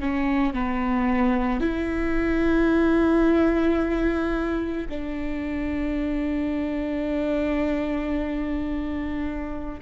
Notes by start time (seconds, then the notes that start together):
0.00 C#4
0.54 B3
1.61 E4
4.89 D4